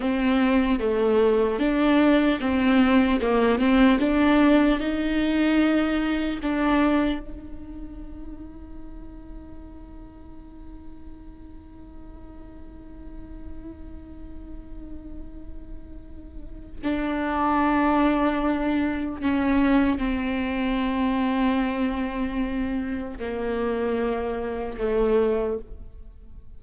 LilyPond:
\new Staff \with { instrumentName = "viola" } { \time 4/4 \tempo 4 = 75 c'4 a4 d'4 c'4 | ais8 c'8 d'4 dis'2 | d'4 dis'2.~ | dis'1~ |
dis'1~ | dis'4 d'2. | cis'4 c'2.~ | c'4 ais2 a4 | }